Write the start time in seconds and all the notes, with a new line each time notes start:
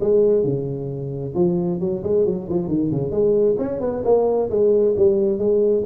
0.00 G#3
0.43 C#3
1.35 F3
1.80 F#3
2.03 G#3
2.25 F#3
2.49 F3
2.68 D#3
2.91 C#3
3.11 G#3
3.58 C#4
3.80 B3
4.04 A#3
4.50 G#3
4.96 G3
5.38 G#3